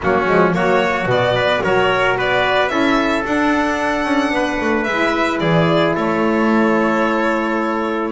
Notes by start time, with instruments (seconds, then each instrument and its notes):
0.01 double bass F#3, saxophone A#3, trumpet C#4, violin F#4
0.26 double bass F3, saxophone G#3
0.53 double bass F#3, saxophone A#3, trumpet F#4, violin C#5
1.06 double bass B2, saxophone B3, violin D5
1.35 trumpet B4
1.61 double bass F#3, saxophone F#4, trumpet A#4, violin C#5
2.16 double bass B3, trumpet B4, violin D5
2.68 double bass C#4, saxophone E4, trumpet A4, violin E5
3.24 saxophone D4, double bass D4, violin F#5
4.05 double bass C#4
4.31 double bass B3, trumpet B4
4.60 double bass A3
4.83 double bass G#3, violin E5
4.90 saxophone E4
5.39 double bass E3, trumpet G#4, violin D5
5.94 double bass A3, trumpet A4, violin C#5